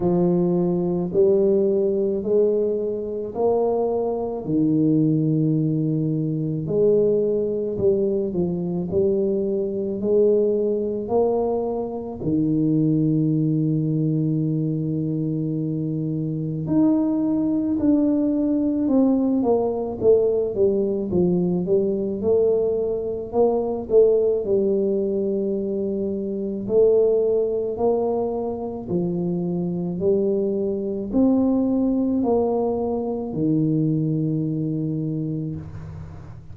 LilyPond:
\new Staff \with { instrumentName = "tuba" } { \time 4/4 \tempo 4 = 54 f4 g4 gis4 ais4 | dis2 gis4 g8 f8 | g4 gis4 ais4 dis4~ | dis2. dis'4 |
d'4 c'8 ais8 a8 g8 f8 g8 | a4 ais8 a8 g2 | a4 ais4 f4 g4 | c'4 ais4 dis2 | }